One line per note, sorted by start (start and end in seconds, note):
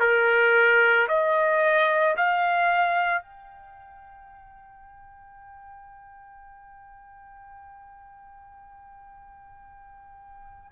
0.00 1.07 A#4
1.08 2.15 D#5
2.17 3.22 F5
3.22 10.72 G5